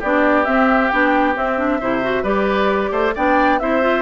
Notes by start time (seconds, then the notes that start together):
0.00 B3 D4 G4 D5
0.45 C4 E5
0.90 B3 D4 G5
1.36 C4 E5
1.58 D4
1.81 C3 E4 C5
2.03 F#4
2.23 G3 G4 B4 D5
2.92 A3 C5
3.15 B3 D4 D5 G5
3.60 C4 E4 C5 E5
3.82 F4